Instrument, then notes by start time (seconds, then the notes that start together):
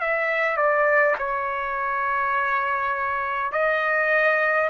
trumpet
0.00 E5
0.57 D5
1.18 C#5
3.52 D#5